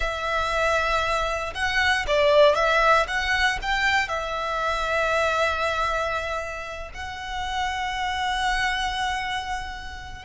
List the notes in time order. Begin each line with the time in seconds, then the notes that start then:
0.00 E5
1.54 F#5
2.07 D5
2.55 E5
3.07 F#5
3.62 G5
4.08 E5
6.94 F#5